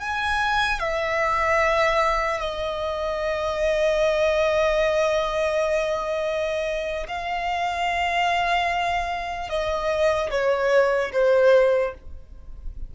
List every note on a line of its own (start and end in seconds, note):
0.00 0.80 G#5
0.80 2.40 E5
2.40 7.07 D#5
7.08 9.49 F5
9.49 10.30 D#5
10.30 11.12 C#5
11.13 11.94 C5